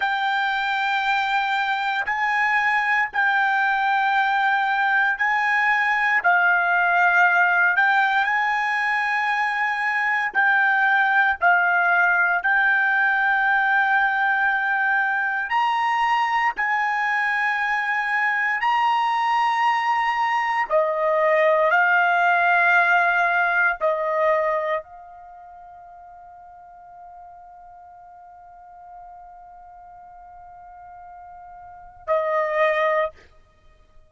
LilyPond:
\new Staff \with { instrumentName = "trumpet" } { \time 4/4 \tempo 4 = 58 g''2 gis''4 g''4~ | g''4 gis''4 f''4. g''8 | gis''2 g''4 f''4 | g''2. ais''4 |
gis''2 ais''2 | dis''4 f''2 dis''4 | f''1~ | f''2. dis''4 | }